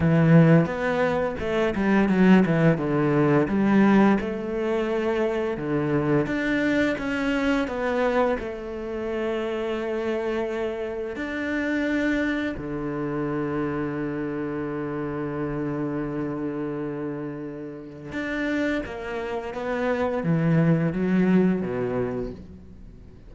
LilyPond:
\new Staff \with { instrumentName = "cello" } { \time 4/4 \tempo 4 = 86 e4 b4 a8 g8 fis8 e8 | d4 g4 a2 | d4 d'4 cis'4 b4 | a1 |
d'2 d2~ | d1~ | d2 d'4 ais4 | b4 e4 fis4 b,4 | }